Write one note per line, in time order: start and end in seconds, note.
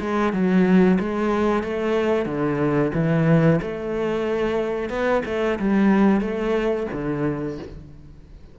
0.00 0.33 G#3
0.33 0.99 F#3
1.00 1.63 G#3
1.63 2.26 A3
2.26 2.92 D3
2.94 3.60 E3
3.62 4.90 A3
4.90 5.23 B3
5.26 5.59 A3
5.60 6.21 G3
6.21 6.87 A3
6.92 7.58 D3